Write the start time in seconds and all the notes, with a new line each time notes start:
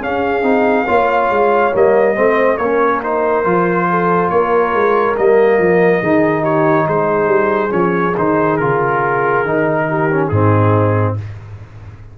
0.00 C#4 G#4 F5
0.42 C4 D#4
0.85 A#3 F4 C#5
1.29 G#3
1.74 G3 A#3 D#5
2.15 A3 C4 C5
2.57 A#3 C#4 A#4 C#5
3.03 D#4 C5
3.44 F3 F4
3.89 A4
4.30 A#3 A#4 C#5
4.73 G#3
5.17 G3 A#3 D#5
5.58 F3
6.01 D#3 D#4 G#4
6.42 G4 C#5
6.85 G#3 G#4 C5
7.27 G3
7.69 F3 C#4 C#5
8.17 D#3 D#4 C5
8.57 C#3 F4 A#4
9.44 D#3 D#4
9.89 G4
10.10 C#4
10.28 G#2 C4 D#4 G#4